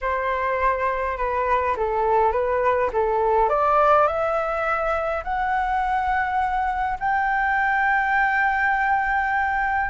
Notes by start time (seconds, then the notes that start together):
0.01 C5
1.17 B4
1.76 A4
2.31 B4
2.93 A4
3.49 D5
4.07 E5
5.23 F#5
6.99 G5